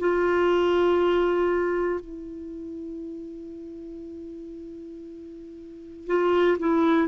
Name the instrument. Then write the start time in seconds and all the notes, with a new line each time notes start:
clarinet
0.00 F4
2.01 E4
6.07 F4
6.60 E4